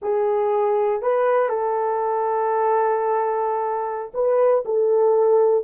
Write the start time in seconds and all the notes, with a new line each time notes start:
0.01 G#4
1.02 B4
1.49 A4
4.14 B4
4.65 A4